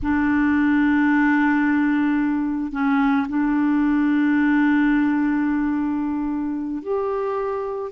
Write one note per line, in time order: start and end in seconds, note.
0.02 2.72 D4
2.72 3.26 C#4
3.28 6.82 D4
6.82 7.91 G4